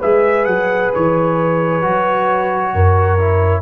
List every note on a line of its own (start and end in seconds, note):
0.00 0.47 G#3
0.00 1.82 G#4
0.00 2.73 B4
0.00 0.46 E5
0.46 0.92 F#3
0.46 0.91 F#5
0.95 1.85 E3
0.95 3.63 C#5
1.82 2.74 F#3
1.82 3.19 F#4
2.74 3.63 F#2
2.74 3.63 A#4
3.20 3.63 E4